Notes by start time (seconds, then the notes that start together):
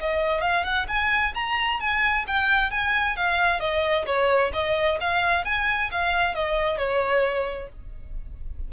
0.00 D#5
0.41 F5
0.64 F#5
0.88 G#5
1.35 A#5
1.80 G#5
2.27 G5
2.71 G#5
3.16 F5
3.60 D#5
4.06 C#5
4.53 D#5
5.00 F5
5.45 G#5
5.91 F5
6.35 D#5
6.77 C#5